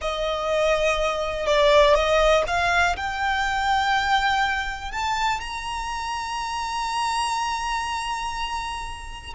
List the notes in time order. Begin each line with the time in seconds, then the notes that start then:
0.01 D#5
1.46 D5
1.94 D#5
2.47 F5
2.96 G5
4.91 A5
5.40 A#5